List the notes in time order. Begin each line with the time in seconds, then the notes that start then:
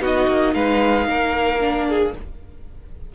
0.00 B3 D#4 F#4 D#5
0.27 A#3
0.54 G#3 B4 F5
1.07 A#3 A#4
1.59 D4
1.88 G#4